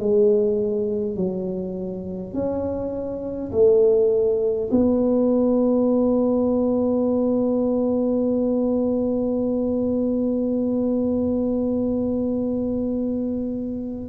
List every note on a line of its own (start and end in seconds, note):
0.00 1.17 G#3
1.17 2.34 F#3
2.34 3.52 C#4
3.52 4.70 A3
4.72 14.09 B3